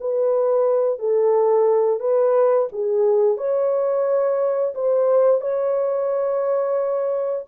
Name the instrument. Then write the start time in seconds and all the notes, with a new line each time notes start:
horn
0.00 B4
0.99 A4
2.00 B4
2.72 G#4
3.37 C#5
4.74 C5
5.41 C#5